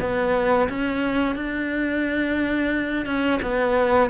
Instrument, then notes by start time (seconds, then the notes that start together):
cello
0.00 B3
0.68 C#4
1.35 D4
3.05 C#4
3.42 B3